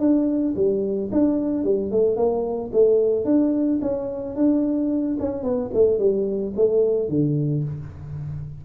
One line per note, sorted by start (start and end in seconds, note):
0.00 0.55 D4
0.56 1.11 G3
1.12 1.64 D4
1.64 1.91 G3
1.91 2.16 A3
2.16 2.71 A#3
2.73 3.25 A3
3.25 3.80 D4
3.82 4.36 C#4
4.36 5.17 D4
5.20 5.43 C#4
5.43 5.71 B3
5.74 5.99 A3
5.99 6.54 G3
6.56 7.09 A3
7.09 7.64 D3